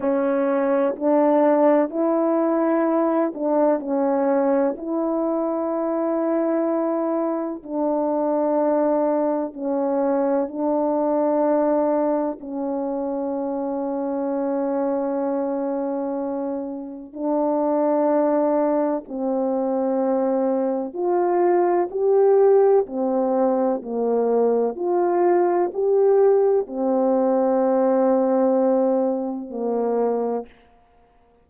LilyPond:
\new Staff \with { instrumentName = "horn" } { \time 4/4 \tempo 4 = 63 cis'4 d'4 e'4. d'8 | cis'4 e'2. | d'2 cis'4 d'4~ | d'4 cis'2.~ |
cis'2 d'2 | c'2 f'4 g'4 | c'4 ais4 f'4 g'4 | c'2. ais4 | }